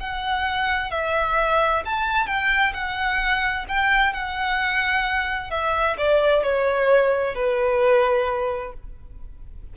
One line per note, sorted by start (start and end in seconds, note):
0.00 0.91 F#5
0.91 1.83 E5
1.85 2.27 A5
2.27 2.73 G5
2.74 3.66 F#5
3.69 4.13 G5
4.13 5.51 F#5
5.51 5.97 E5
5.97 6.44 D5
6.44 7.35 C#5
7.35 8.73 B4